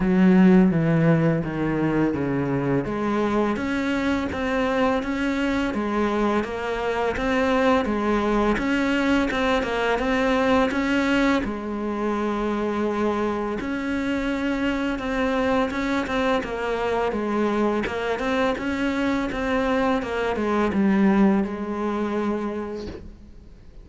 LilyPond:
\new Staff \with { instrumentName = "cello" } { \time 4/4 \tempo 4 = 84 fis4 e4 dis4 cis4 | gis4 cis'4 c'4 cis'4 | gis4 ais4 c'4 gis4 | cis'4 c'8 ais8 c'4 cis'4 |
gis2. cis'4~ | cis'4 c'4 cis'8 c'8 ais4 | gis4 ais8 c'8 cis'4 c'4 | ais8 gis8 g4 gis2 | }